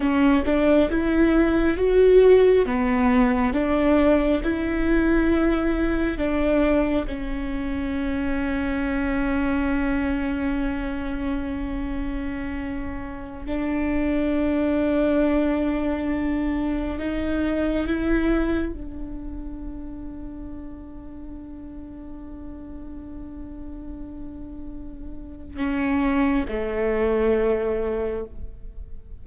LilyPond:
\new Staff \with { instrumentName = "viola" } { \time 4/4 \tempo 4 = 68 cis'8 d'8 e'4 fis'4 b4 | d'4 e'2 d'4 | cis'1~ | cis'2.~ cis'16 d'8.~ |
d'2.~ d'16 dis'8.~ | dis'16 e'4 d'2~ d'8.~ | d'1~ | d'4 cis'4 a2 | }